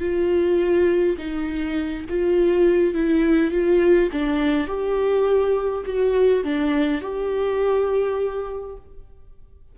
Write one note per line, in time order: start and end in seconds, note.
0.00 1.17 F4
1.18 2.05 D#4
2.10 2.94 F4
2.94 3.51 E4
3.51 4.10 F4
4.12 4.68 D4
4.68 5.84 G4
5.86 6.44 F#4
6.44 7.02 D4
7.02 8.76 G4